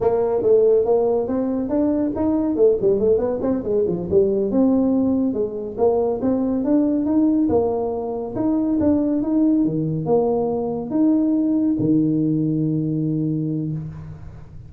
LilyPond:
\new Staff \with { instrumentName = "tuba" } { \time 4/4 \tempo 4 = 140 ais4 a4 ais4 c'4 | d'4 dis'4 a8 g8 a8 b8 | c'8 gis8 f8 g4 c'4.~ | c'8 gis4 ais4 c'4 d'8~ |
d'8 dis'4 ais2 dis'8~ | dis'8 d'4 dis'4 dis4 ais8~ | ais4. dis'2 dis8~ | dis1 | }